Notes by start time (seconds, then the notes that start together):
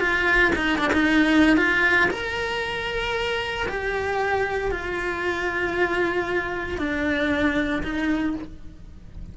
0.00 F4
0.56 D#4
0.78 D4
0.93 D#4
1.57 F4
2.11 A#4
3.69 G4
4.71 F4
6.78 D4
7.83 D#4